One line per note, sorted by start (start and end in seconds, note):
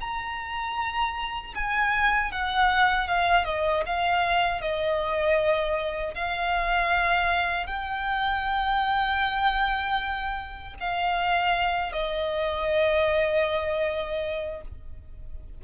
0.00 1.54 A#5
1.54 2.31 G#5
2.31 3.07 F#5
3.07 3.44 F5
3.44 3.83 D#5
3.86 4.61 F5
4.61 6.14 D#5
6.14 7.66 F5
7.66 10.74 G5
10.79 11.92 F5
11.92 14.61 D#5